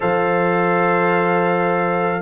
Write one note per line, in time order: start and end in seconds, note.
0.00 2.21 F3
0.00 2.21 A4
0.00 2.20 C5
0.00 2.21 F5